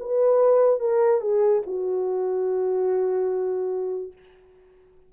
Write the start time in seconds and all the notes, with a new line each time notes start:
0.00 B4
0.80 A#4
1.21 G#4
1.67 F#4